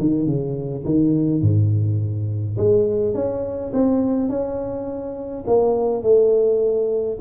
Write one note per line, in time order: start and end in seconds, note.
0.00 0.27 D#3
0.27 0.85 C#3
0.85 1.42 D#3
1.42 2.58 G#2
2.58 3.15 G#3
3.15 3.73 C#4
3.74 4.30 C4
4.30 5.45 C#4
5.48 6.03 A#3
6.03 7.19 A3